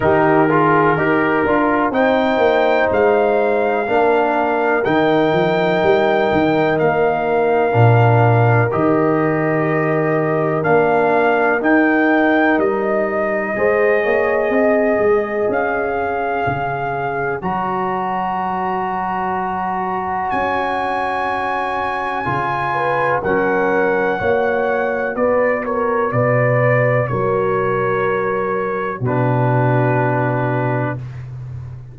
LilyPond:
<<
  \new Staff \with { instrumentName = "trumpet" } { \time 4/4 \tempo 4 = 62 ais'2 g''4 f''4~ | f''4 g''2 f''4~ | f''4 dis''2 f''4 | g''4 dis''2. |
f''2 ais''2~ | ais''4 gis''2. | fis''2 d''8 cis''8 d''4 | cis''2 b'2 | }
  \new Staff \with { instrumentName = "horn" } { \time 4/4 g'8 gis'8 ais'4 c''2 | ais'1~ | ais'1~ | ais'2 c''8 cis''8 dis''4~ |
dis''8 cis''2.~ cis''8~ | cis''2.~ cis''8 b'8 | ais'4 cis''4 b'8 ais'8 b'4 | ais'2 fis'2 | }
  \new Staff \with { instrumentName = "trombone" } { \time 4/4 dis'8 f'8 g'8 f'8 dis'2 | d'4 dis'2. | d'4 g'2 d'4 | dis'2 gis'2~ |
gis'2 fis'2~ | fis'2. f'4 | cis'4 fis'2.~ | fis'2 d'2 | }
  \new Staff \with { instrumentName = "tuba" } { \time 4/4 dis4 dis'8 d'8 c'8 ais8 gis4 | ais4 dis8 f8 g8 dis8 ais4 | ais,4 dis2 ais4 | dis'4 g4 gis8 ais8 c'8 gis8 |
cis'4 cis4 fis2~ | fis4 cis'2 cis4 | fis4 ais4 b4 b,4 | fis2 b,2 | }
>>